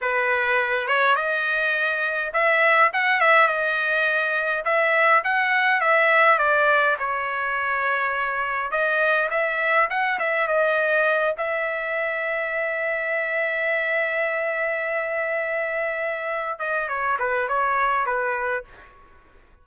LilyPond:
\new Staff \with { instrumentName = "trumpet" } { \time 4/4 \tempo 4 = 103 b'4. cis''8 dis''2 | e''4 fis''8 e''8 dis''2 | e''4 fis''4 e''4 d''4 | cis''2. dis''4 |
e''4 fis''8 e''8 dis''4. e''8~ | e''1~ | e''1~ | e''8 dis''8 cis''8 b'8 cis''4 b'4 | }